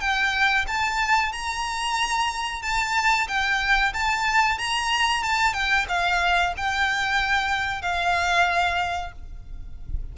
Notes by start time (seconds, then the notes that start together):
0.00 G5
0.67 A5
1.32 A#5
2.62 A5
3.28 G5
3.93 A5
4.58 A#5
5.23 A5
5.53 G5
5.88 F5
6.57 G5
7.82 F5